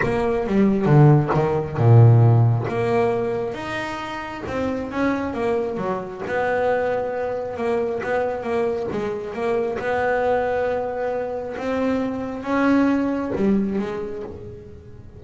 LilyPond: \new Staff \with { instrumentName = "double bass" } { \time 4/4 \tempo 4 = 135 ais4 g4 d4 dis4 | ais,2 ais2 | dis'2 c'4 cis'4 | ais4 fis4 b2~ |
b4 ais4 b4 ais4 | gis4 ais4 b2~ | b2 c'2 | cis'2 g4 gis4 | }